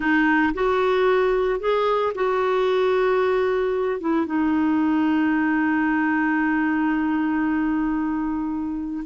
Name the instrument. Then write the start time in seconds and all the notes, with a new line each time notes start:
clarinet
0.00 D#4
0.54 F#4
1.59 G#4
2.14 F#4
4.00 E4
4.26 D#4